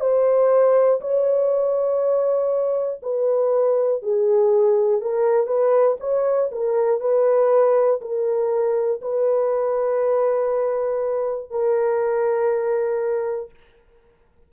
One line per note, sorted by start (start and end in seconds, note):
0.00 1.00 C5
1.00 3.00 C#5
3.02 4.02 B4
4.02 5.01 G#4
5.01 5.46 A#4
5.46 5.96 B4
6.00 6.50 C#5
6.51 7.00 A#4
7.00 8.00 B4
8.01 9.01 A#4
9.01 11.50 B4
11.50 13.50 A#4